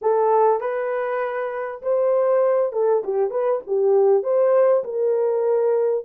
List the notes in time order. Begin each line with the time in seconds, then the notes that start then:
0.01 A4
0.60 B4
1.82 C5
2.72 A4
3.04 G4
3.30 B4
3.66 G4
4.23 C5
4.84 A#4